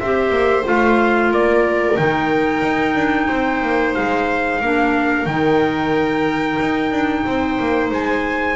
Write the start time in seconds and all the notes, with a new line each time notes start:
0.00 C4 G4 C5 E5
0.30 A#3
0.64 A3 F4 F5
1.32 A#3 A#4 D5
1.97 D#3 D#4 G5
2.62 D#4
2.95 D4
3.29 C4 C5
3.62 A#3
3.95 G#3 F5
4.61 A#3 D4 A#4
5.26 D#3 D#4 G5
6.60 D#4
6.92 D4
7.26 C4 C5
7.60 A#3
7.91 G#3 G#5